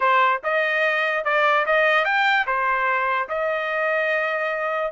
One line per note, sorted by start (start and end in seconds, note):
0.00 0.41 C5
0.43 1.24 D#5
1.24 1.65 D5
1.66 2.04 D#5
2.04 2.45 G5
2.46 3.28 C5
3.28 4.91 D#5